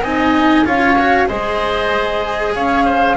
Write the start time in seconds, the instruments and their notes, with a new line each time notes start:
0.00 double bass C4, cello D#4, oboe D#5, flute G#5
0.65 double bass C#4, cello F4, oboe C#5, flute F5
0.98 cello F#4
1.26 double bass G#3, cello G#4, oboe C5, flute D#5
2.54 double bass C#4, oboe C#5, flute F5
2.85 oboe C5